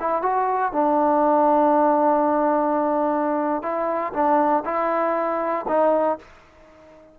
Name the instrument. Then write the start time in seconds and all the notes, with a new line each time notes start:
trombone
0.00 E4
0.22 F#4
0.72 D4
3.62 E4
4.13 D4
4.65 E4
5.68 D#4